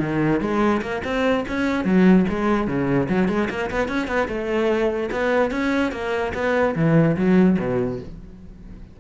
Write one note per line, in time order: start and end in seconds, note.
0.00 0.41 D#3
0.41 0.82 G#3
0.82 1.02 A#3
1.04 1.45 C4
1.48 1.85 C#4
1.85 2.26 F#3
2.29 2.68 G#3
2.68 3.09 C#3
3.09 3.29 F#3
3.29 3.49 G#3
3.50 3.71 A#3
3.71 3.88 B3
3.88 4.08 C#4
4.08 4.28 B3
4.29 5.10 A3
5.12 5.51 B3
5.51 5.92 C#4
5.92 6.33 A#3
6.35 6.76 B3
6.76 7.17 E3
7.17 7.58 F#3
7.60 8.00 B2